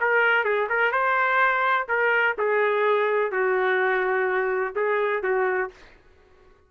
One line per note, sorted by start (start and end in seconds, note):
0.00 0.44 A#4
0.44 0.68 G#4
0.69 0.91 A#4
0.91 1.86 C5
1.88 2.36 A#4
2.38 3.31 G#4
3.31 4.74 F#4
4.75 5.22 G#4
5.22 5.70 F#4